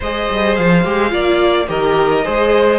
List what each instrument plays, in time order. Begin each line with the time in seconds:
0.00 cello G#3, viola G#4, violin C5 D#5
0.30 cello G3
0.55 cello F3, violin F5
0.84 cello G#3, viola G4
1.09 cello A#3, viola F4, violin D5
1.67 cello D#3, viola G4, violin A#4 D#5
2.23 cello G#3, viola G#4, violin C5